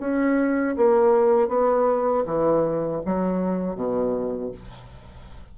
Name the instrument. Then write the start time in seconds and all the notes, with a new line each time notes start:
bassoon
0.00 C#4
0.76 A#3
1.48 B3
2.26 E3
3.06 F#3
3.75 B2